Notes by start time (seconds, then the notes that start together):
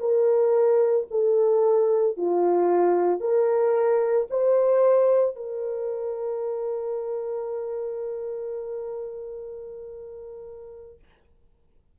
0.00 A#4
1.11 A4
2.17 F4
3.20 A#4
4.31 C5
5.36 A#4